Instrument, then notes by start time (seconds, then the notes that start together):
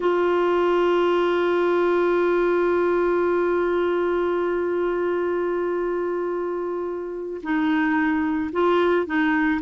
clarinet
0.00 F4
7.43 D#4
8.52 F4
9.06 D#4